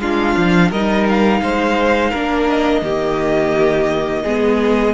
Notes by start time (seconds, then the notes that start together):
0.00 G#3 D4 F4 F5
0.37 F3
0.70 G3 D#4 A#4 D#5
1.09 F5
1.41 G#3 C5
2.10 A#3 D4 A#4
2.49 D#5
2.81 D#3 A#3 G4
4.23 G#3 B3 G#4